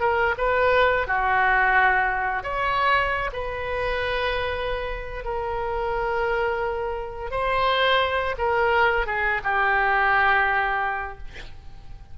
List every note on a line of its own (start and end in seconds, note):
0.00 0.35 A#4
0.37 1.07 B4
1.07 2.43 F#4
2.43 3.30 C#5
3.33 5.24 B4
5.24 7.31 A#4
7.31 8.36 C5
8.38 9.06 A#4
9.06 9.41 G#4
9.43 11.18 G4